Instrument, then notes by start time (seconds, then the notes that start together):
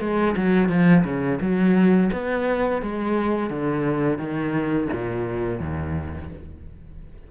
cello
0.00 G#3
0.36 F#3
0.69 F3
1.04 C#3
1.40 F#3
2.12 B3
2.82 G#3
3.50 D3
4.18 D#3
4.92 A#2
5.60 D#2